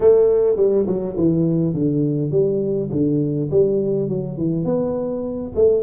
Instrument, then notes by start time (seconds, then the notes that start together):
tuba
0.00 A3
0.56 G3
0.87 F#3
1.17 E3
1.74 D3
2.31 G3
2.91 D3
3.50 G3
4.08 F#3
4.37 E3
4.64 B3
5.55 A3